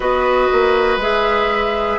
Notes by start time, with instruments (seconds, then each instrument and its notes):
0.00 bassoon B3, clarinet F#4, oboe B4, flute D#5
0.52 bassoon A#3
0.96 bassoon G#3, clarinet G#4, flute E5